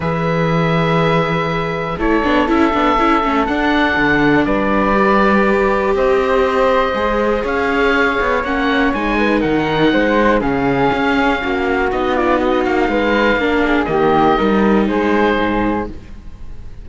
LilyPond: <<
  \new Staff \with { instrumentName = "oboe" } { \time 4/4 \tempo 4 = 121 e''1 | cis''4 e''2 fis''4~ | fis''4 d''2. | dis''2. f''4~ |
f''4 fis''4 gis''4 fis''4~ | fis''4 f''2. | dis''8 d''8 dis''8 f''2~ f''8 | dis''2 c''2 | }
  \new Staff \with { instrumentName = "flute" } { \time 4/4 b'1 | a'1~ | a'4 b'2. | c''2. cis''4~ |
cis''2~ cis''8 b'8 ais'4 | c''4 gis'2 fis'4~ | fis'8 f'8 fis'4 b'4 ais'8 gis'8 | g'4 ais'4 gis'2 | }
  \new Staff \with { instrumentName = "viola" } { \time 4/4 gis'1 | e'8 d'8 e'8 d'8 e'8 cis'8 d'4~ | d'2 g'2~ | g'2 gis'2~ |
gis'4 cis'4 dis'2~ | dis'4 cis'2. | dis'2. d'4 | ais4 dis'2. | }
  \new Staff \with { instrumentName = "cello" } { \time 4/4 e1 | a8 b8 cis'8 b8 cis'8 a8 d'4 | d4 g2. | c'2 gis4 cis'4~ |
cis'8 b8 ais4 gis4 dis4 | gis4 cis4 cis'4 ais4 | b4. ais8 gis4 ais4 | dis4 g4 gis4 gis,4 | }
>>